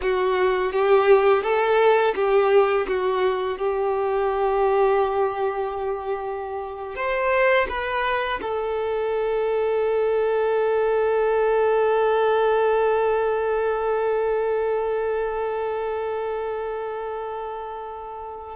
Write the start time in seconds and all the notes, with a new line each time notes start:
0.01 F#4
0.72 G4
1.43 A4
2.15 G4
2.87 F#4
3.57 G4
6.95 C5
7.68 B4
8.41 A4